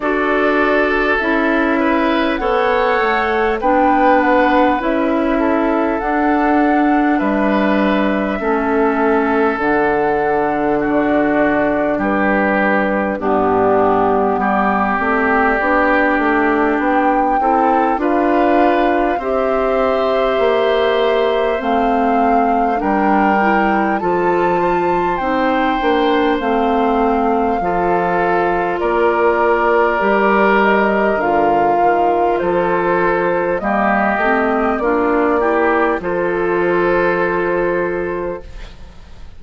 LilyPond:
<<
  \new Staff \with { instrumentName = "flute" } { \time 4/4 \tempo 4 = 50 d''4 e''4 fis''4 g''8 fis''8 | e''4 fis''4 e''2 | fis''4 d''4 b'4 g'4 | d''2 g''4 f''4 |
e''2 f''4 g''4 | a''4 g''4 f''2 | d''4. dis''8 f''4 c''4 | dis''4 d''4 c''2 | }
  \new Staff \with { instrumentName = "oboe" } { \time 4/4 a'4. b'8 cis''4 b'4~ | b'8 a'4. b'4 a'4~ | a'4 fis'4 g'4 d'4 | g'2~ g'8 a'8 b'4 |
c''2. ais'4 | a'8 c''2~ c''8 a'4 | ais'2. a'4 | g'4 f'8 g'8 a'2 | }
  \new Staff \with { instrumentName = "clarinet" } { \time 4/4 fis'4 e'4 a'4 d'4 | e'4 d'2 cis'4 | d'2. b4~ | b8 c'8 d'4. e'8 f'4 |
g'2 c'4 d'8 e'8 | f'4 dis'8 d'8 c'4 f'4~ | f'4 g'4 f'2 | ais8 c'8 d'8 e'8 f'2 | }
  \new Staff \with { instrumentName = "bassoon" } { \time 4/4 d'4 cis'4 b8 a8 b4 | cis'4 d'4 g4 a4 | d2 g4 g,4 | g8 a8 b8 a8 b8 c'8 d'4 |
c'4 ais4 a4 g4 | f4 c'8 ais8 a4 f4 | ais4 g4 d8 dis8 f4 | g8 a8 ais4 f2 | }
>>